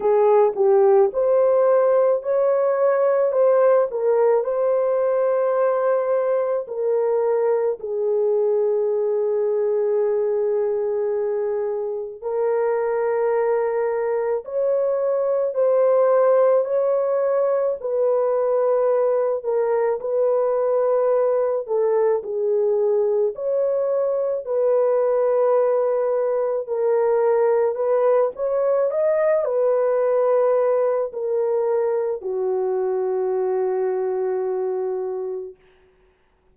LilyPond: \new Staff \with { instrumentName = "horn" } { \time 4/4 \tempo 4 = 54 gis'8 g'8 c''4 cis''4 c''8 ais'8 | c''2 ais'4 gis'4~ | gis'2. ais'4~ | ais'4 cis''4 c''4 cis''4 |
b'4. ais'8 b'4. a'8 | gis'4 cis''4 b'2 | ais'4 b'8 cis''8 dis''8 b'4. | ais'4 fis'2. | }